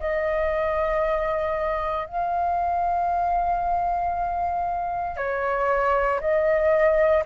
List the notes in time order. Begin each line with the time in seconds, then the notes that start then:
0.00 D#5
2.06 F5
5.17 C#5
6.21 D#5